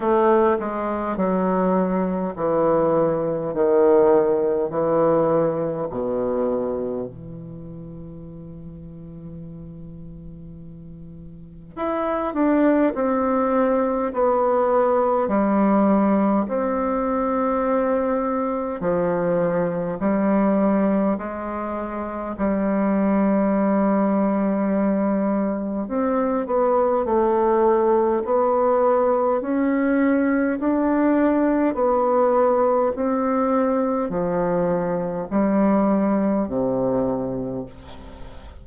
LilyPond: \new Staff \with { instrumentName = "bassoon" } { \time 4/4 \tempo 4 = 51 a8 gis8 fis4 e4 dis4 | e4 b,4 e2~ | e2 e'8 d'8 c'4 | b4 g4 c'2 |
f4 g4 gis4 g4~ | g2 c'8 b8 a4 | b4 cis'4 d'4 b4 | c'4 f4 g4 c4 | }